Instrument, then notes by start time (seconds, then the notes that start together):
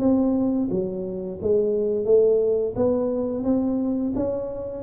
tuba
0.00 C4
0.71 F#3
1.42 G#3
2.06 A3
2.76 B3
3.45 C4
4.16 C#4